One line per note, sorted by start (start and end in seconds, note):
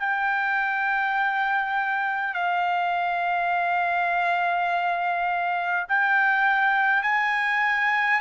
0.00 2.34 G5
2.34 5.87 F5
5.89 7.03 G5
7.03 8.21 G#5